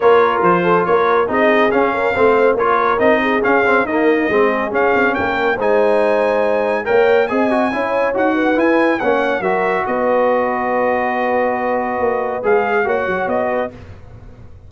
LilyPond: <<
  \new Staff \with { instrumentName = "trumpet" } { \time 4/4 \tempo 4 = 140 cis''4 c''4 cis''4 dis''4 | f''2 cis''4 dis''4 | f''4 dis''2 f''4 | g''4 gis''2. |
g''4 gis''2 fis''4 | gis''4 fis''4 e''4 dis''4~ | dis''1~ | dis''4 f''4 fis''4 dis''4 | }
  \new Staff \with { instrumentName = "horn" } { \time 4/4 ais'4. a'8 ais'4 gis'4~ | gis'8 ais'8 c''4 ais'4. gis'8~ | gis'4 ais'4 gis'2 | ais'4 c''2. |
cis''4 dis''4 cis''4. b'8~ | b'4 cis''4 ais'4 b'4~ | b'1~ | b'2 cis''4. b'8 | }
  \new Staff \with { instrumentName = "trombone" } { \time 4/4 f'2. dis'4 | cis'4 c'4 f'4 dis'4 | cis'8 c'8 ais4 c'4 cis'4~ | cis'4 dis'2. |
ais'4 gis'8 fis'8 e'4 fis'4 | e'4 cis'4 fis'2~ | fis'1~ | fis'4 gis'4 fis'2 | }
  \new Staff \with { instrumentName = "tuba" } { \time 4/4 ais4 f4 ais4 c'4 | cis'4 a4 ais4 c'4 | cis'4 dis'4 gis4 cis'8 c'8 | ais4 gis2. |
ais4 c'4 cis'4 dis'4 | e'4 ais4 fis4 b4~ | b1 | ais4 gis4 ais8 fis8 b4 | }
>>